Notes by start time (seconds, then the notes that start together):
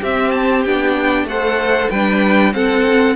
0.00 C4 G4 E5
0.31 A5
0.63 B3 D4 G5
1.24 A3 A4 C5 F#5
1.90 G3 D4 B4 G5
2.53 C4 A4 F#5